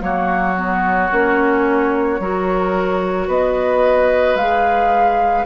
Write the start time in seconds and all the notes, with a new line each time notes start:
0.00 F#3 A#3 F#4 C#5
0.56 B3
1.11 A#3 C#4
2.19 F#3 F#4 A#4
3.27 B3 B4 D#5
4.35 G#3 G#4 F5